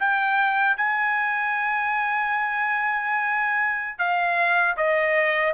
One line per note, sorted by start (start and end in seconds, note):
0.00 0.77 G5
0.77 3.99 G#5
3.99 4.76 F5
4.77 5.54 D#5